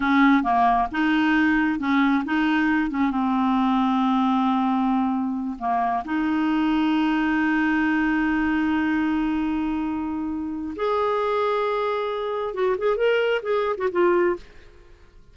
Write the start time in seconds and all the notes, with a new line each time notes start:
0.00 C#4
0.43 A#3
0.91 D#4
1.79 C#4
2.24 D#4
2.90 C#4
3.10 C4
5.58 A#3
6.04 D#4
10.76 G#4
12.54 F#4
12.78 G#4
12.96 A#4
13.42 G#4
13.77 F#4
13.91 F4